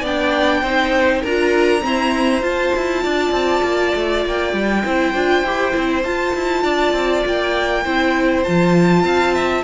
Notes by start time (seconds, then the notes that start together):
0.00 B3 D4 D5 G5
0.61 C4 D#4 C5
1.21 D4 F4 A#4 A#5
1.80 C4 E4 C5
2.41 F4 A5
2.75 E4
3.02 D4 D5
3.31 C4
3.62 A#3
3.95 A3
4.25 A#3 G5
4.53 G3
4.85 C4 E4 C5
5.13 D4 F4
5.43 E4 G4
5.72 C4 E4
6.03 F4 A5
6.34 E4
6.63 D4 D5
6.92 C4
7.25 A#3 G5
7.83 C4 E4 C5
8.43 F3 F4 A5
9.03 C4 F5
9.34 E5